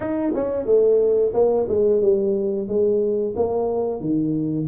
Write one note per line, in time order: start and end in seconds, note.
0.00 0.32 D#4
0.35 0.65 C#4
0.65 1.32 A3
1.33 1.67 A#3
1.68 2.02 G#3
2.02 2.68 G3
2.68 3.34 G#3
3.36 4.00 A#3
4.00 4.67 D#3